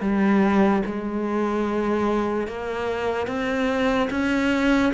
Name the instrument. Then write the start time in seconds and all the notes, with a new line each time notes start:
cello
0.00 G3
0.85 G#3
2.47 A#3
3.27 C4
4.10 C#4